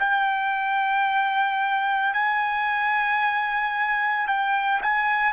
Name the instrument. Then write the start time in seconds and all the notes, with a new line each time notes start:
trumpet
0.00 G5
2.14 G#5
4.28 G5
4.83 G#5